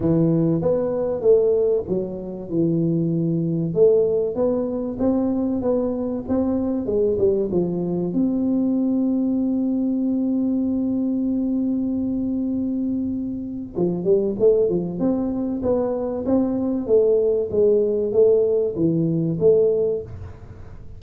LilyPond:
\new Staff \with { instrumentName = "tuba" } { \time 4/4 \tempo 4 = 96 e4 b4 a4 fis4 | e2 a4 b4 | c'4 b4 c'4 gis8 g8 | f4 c'2.~ |
c'1~ | c'2 f8 g8 a8 f8 | c'4 b4 c'4 a4 | gis4 a4 e4 a4 | }